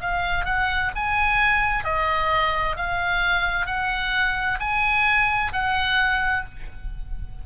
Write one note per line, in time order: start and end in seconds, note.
0.00 0.45 F5
0.45 0.91 F#5
0.95 1.84 G#5
1.84 2.76 D#5
2.76 3.66 F5
3.66 4.58 F#5
4.59 5.52 G#5
5.52 6.44 F#5